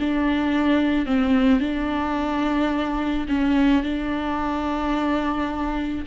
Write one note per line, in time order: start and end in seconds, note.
0.00 1.06 D4
1.06 1.60 C4
1.60 3.27 D4
3.29 3.83 C#4
3.83 6.05 D4